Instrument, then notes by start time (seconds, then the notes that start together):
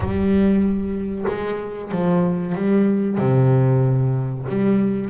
double bass
0.00 G3
1.27 G#3
1.91 F3
2.54 G3
3.17 C3
4.49 G3